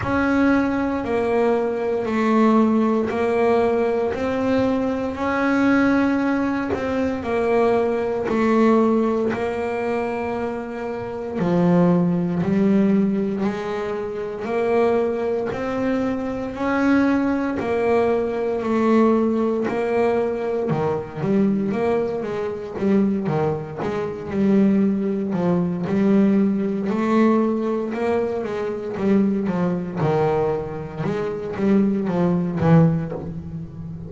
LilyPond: \new Staff \with { instrumentName = "double bass" } { \time 4/4 \tempo 4 = 58 cis'4 ais4 a4 ais4 | c'4 cis'4. c'8 ais4 | a4 ais2 f4 | g4 gis4 ais4 c'4 |
cis'4 ais4 a4 ais4 | dis8 g8 ais8 gis8 g8 dis8 gis8 g8~ | g8 f8 g4 a4 ais8 gis8 | g8 f8 dis4 gis8 g8 f8 e8 | }